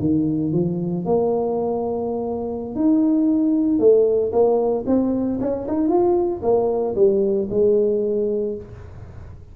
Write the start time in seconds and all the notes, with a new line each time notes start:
0.00 D#3
0.53 F3
1.06 A#3
2.75 D#4
3.79 A3
4.32 A#3
4.87 C4
5.40 C#4
5.68 D#4
5.88 F4
6.43 A#3
6.95 G3
7.50 G#3